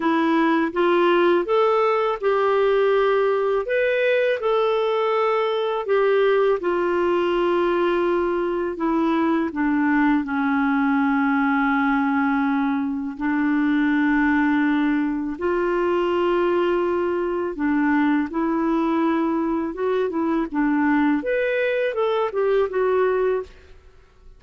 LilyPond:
\new Staff \with { instrumentName = "clarinet" } { \time 4/4 \tempo 4 = 82 e'4 f'4 a'4 g'4~ | g'4 b'4 a'2 | g'4 f'2. | e'4 d'4 cis'2~ |
cis'2 d'2~ | d'4 f'2. | d'4 e'2 fis'8 e'8 | d'4 b'4 a'8 g'8 fis'4 | }